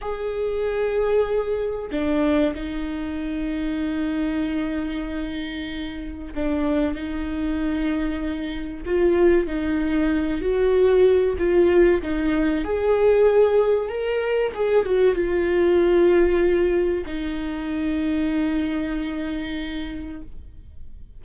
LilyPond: \new Staff \with { instrumentName = "viola" } { \time 4/4 \tempo 4 = 95 gis'2. d'4 | dis'1~ | dis'2 d'4 dis'4~ | dis'2 f'4 dis'4~ |
dis'8 fis'4. f'4 dis'4 | gis'2 ais'4 gis'8 fis'8 | f'2. dis'4~ | dis'1 | }